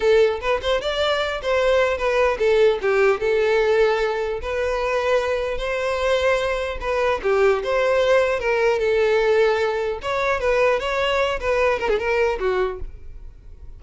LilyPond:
\new Staff \with { instrumentName = "violin" } { \time 4/4 \tempo 4 = 150 a'4 b'8 c''8 d''4. c''8~ | c''4 b'4 a'4 g'4 | a'2. b'4~ | b'2 c''2~ |
c''4 b'4 g'4 c''4~ | c''4 ais'4 a'2~ | a'4 cis''4 b'4 cis''4~ | cis''8 b'4 ais'16 gis'16 ais'4 fis'4 | }